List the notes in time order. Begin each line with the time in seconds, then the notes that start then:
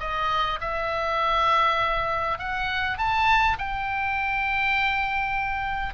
0.00 D#5
0.61 E5
2.39 F#5
2.98 A5
3.58 G5